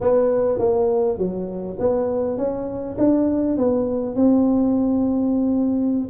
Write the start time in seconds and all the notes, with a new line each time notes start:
0.01 B3
0.58 A#3
1.17 F#3
1.79 B3
2.37 C#4
2.97 D4
3.57 B3
4.15 C4